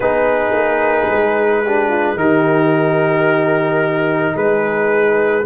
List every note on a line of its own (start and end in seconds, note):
0.00 0.52 B3
0.00 1.65 D#4
0.00 1.62 G#4
0.00 2.17 B4
0.52 1.06 A#3
1.10 2.15 G#3
1.64 2.16 D4
1.64 1.88 G4
1.88 2.15 F4
2.15 4.33 D#3
2.15 5.43 D#4
2.15 4.36 G4
2.15 4.35 A#4
4.36 5.45 G#3
4.36 5.45 G#4
4.36 5.45 B4